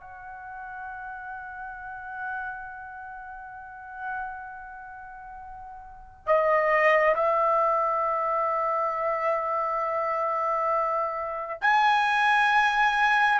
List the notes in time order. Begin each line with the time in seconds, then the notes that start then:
0.00 F#5
6.26 D#5
7.15 E5
11.61 G#5